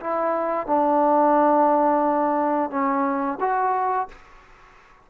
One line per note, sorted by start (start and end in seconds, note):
0.00 0.67 E4
0.67 2.70 D4
2.70 3.38 C#4
3.40 4.08 F#4